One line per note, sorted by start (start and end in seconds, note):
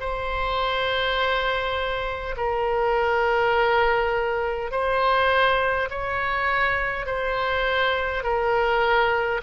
0.00 2.35 C5
2.37 4.72 A#4
4.72 5.89 C5
5.90 7.06 C#5
7.06 8.24 C5
8.24 9.41 A#4